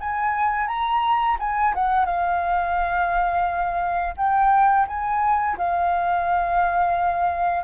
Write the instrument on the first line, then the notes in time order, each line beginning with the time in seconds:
flute
0.00 G#5
0.67 A#5
1.39 G#5
1.75 F#5
2.05 F5
4.17 G5
4.87 G#5
5.58 F5